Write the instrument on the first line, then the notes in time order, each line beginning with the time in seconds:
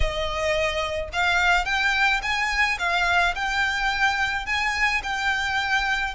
violin
0.00 D#5
1.12 F5
1.65 G5
2.22 G#5
2.79 F5
3.35 G5
4.46 G#5
5.03 G5